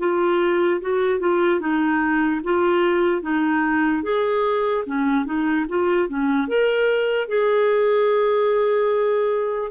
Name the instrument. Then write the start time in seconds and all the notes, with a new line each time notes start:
clarinet
0.00 F4
0.81 F#4
1.21 F4
1.61 D#4
2.44 F4
3.22 D#4
4.04 G#4
4.87 C#4
5.26 D#4
5.69 F4
6.09 C#4
6.48 A#4
7.29 G#4